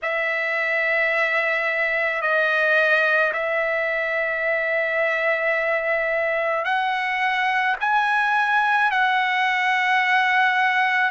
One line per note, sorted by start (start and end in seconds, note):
0.02 2.21 E5
2.21 3.32 D#5
3.33 6.65 E5
6.65 7.76 F#5
7.80 8.91 G#5
8.91 11.10 F#5